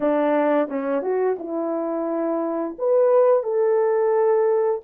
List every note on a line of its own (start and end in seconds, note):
0.00 0.68 D4
0.68 1.02 C#4
1.02 1.36 F#4
1.38 2.76 E4
2.78 3.43 B4
3.43 4.81 A4